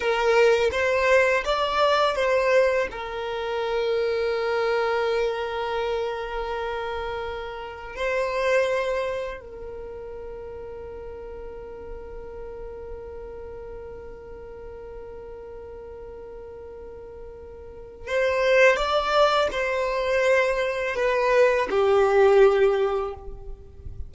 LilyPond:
\new Staff \with { instrumentName = "violin" } { \time 4/4 \tempo 4 = 83 ais'4 c''4 d''4 c''4 | ais'1~ | ais'2. c''4~ | c''4 ais'2.~ |
ais'1~ | ais'1~ | ais'4 c''4 d''4 c''4~ | c''4 b'4 g'2 | }